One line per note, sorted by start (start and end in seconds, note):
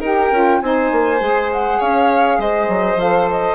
0.00 0.30 D#4
0.00 0.33 G4
0.00 0.60 A#4
0.06 0.62 G5
0.32 0.62 C#4
0.32 0.63 F4
0.62 0.92 C4
0.62 1.20 D#4
0.62 1.79 C5
0.62 1.51 G#5
0.92 1.21 A#3
1.20 1.80 G#3
1.20 2.98 G#4
1.53 1.82 F#5
1.79 2.39 C#4
1.79 2.39 C#5
1.79 2.41 F5
2.39 2.69 G#3
2.39 3.56 C5
2.39 3.00 D#5
2.69 2.96 F#3
2.96 3.55 F3
2.96 3.56 A4
2.96 3.30 F5
3.31 3.56 D#5